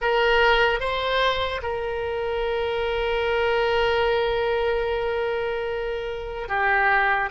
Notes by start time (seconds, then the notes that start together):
0.01 A#4
0.80 C5
1.62 A#4
6.48 G4